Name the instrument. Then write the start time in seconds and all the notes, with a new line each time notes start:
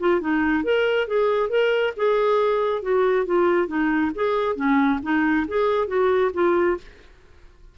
clarinet
0.00 F4
0.21 D#4
0.64 A#4
1.07 G#4
1.50 A#4
1.97 G#4
2.82 F#4
3.26 F4
3.68 D#4
4.15 G#4
4.56 C#4
5.03 D#4
5.48 G#4
5.88 F#4
6.34 F4